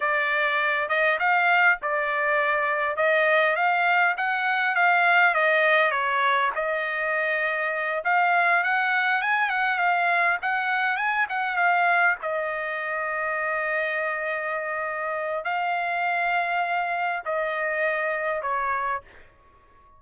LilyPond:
\new Staff \with { instrumentName = "trumpet" } { \time 4/4 \tempo 4 = 101 d''4. dis''8 f''4 d''4~ | d''4 dis''4 f''4 fis''4 | f''4 dis''4 cis''4 dis''4~ | dis''4. f''4 fis''4 gis''8 |
fis''8 f''4 fis''4 gis''8 fis''8 f''8~ | f''8 dis''2.~ dis''8~ | dis''2 f''2~ | f''4 dis''2 cis''4 | }